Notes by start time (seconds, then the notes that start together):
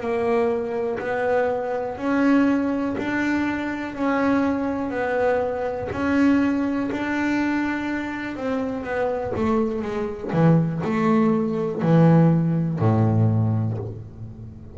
0.00 A#3
0.99 B3
1.97 C#4
2.98 D4
3.94 C#4
4.90 B3
5.92 C#4
6.91 D4
8.36 C4
8.83 B3
9.35 A3
9.82 G#3
10.32 E3
10.84 A3
11.82 E3
12.79 A2